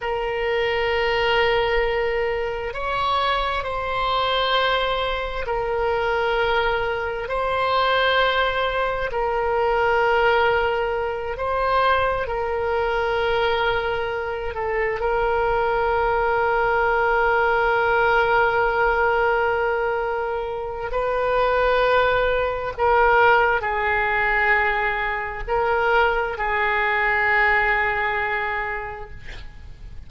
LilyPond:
\new Staff \with { instrumentName = "oboe" } { \time 4/4 \tempo 4 = 66 ais'2. cis''4 | c''2 ais'2 | c''2 ais'2~ | ais'8 c''4 ais'2~ ais'8 |
a'8 ais'2.~ ais'8~ | ais'2. b'4~ | b'4 ais'4 gis'2 | ais'4 gis'2. | }